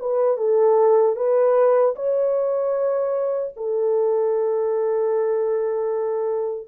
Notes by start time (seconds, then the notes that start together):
0.00 B4
0.38 A4
1.16 B4
1.96 C#5
3.57 A4